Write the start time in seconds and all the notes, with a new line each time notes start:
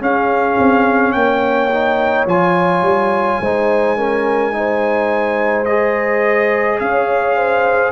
0.00 C#4 G#4 F5
0.59 C4
1.12 A#3 C#5 G5
1.71 D#4
2.26 F3 F4 G#5
2.82 G3
3.41 G#3 D#4 C5
3.97 C#4 A#4
4.52 D#4 C5
5.65 G#4 D#5
6.79 C#4 C#5 F5
7.36 C5